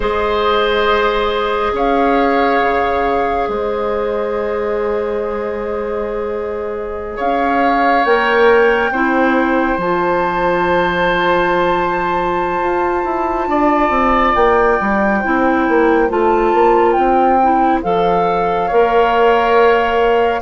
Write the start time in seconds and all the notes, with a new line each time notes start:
0.00 G#3 G#4 C5 D#5
1.72 C#4 C#5 F5
2.62 C#3
3.48 G#3 C5 D#5
7.16 C#4 C#5 F5
8.04 A#3 A#4 G5
8.90 C4 E4 C5
9.77 F3 F4 A5
12.59 F4
13.04 E4
13.47 D4 D5
13.89 C4
14.35 A#3 G5
14.80 G3
15.19 E4 C5
15.25 C4
15.68 A#3
16.09 A3 F4 A5
16.53 A#3
16.92 C4 G5
17.42 E4
17.82 F3 A4 F5
18.66 A#3 A#4 C#5